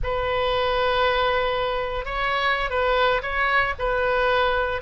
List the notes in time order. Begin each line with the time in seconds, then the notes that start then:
0.03 B4
2.05 C#5
2.70 B4
3.22 C#5
3.78 B4